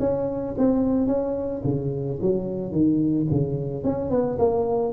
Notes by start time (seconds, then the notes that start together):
0.00 C#4
0.58 C4
1.07 C#4
1.64 C#3
2.21 F#3
2.72 D#3
3.31 C#3
3.84 C#4
4.10 B3
4.39 A#3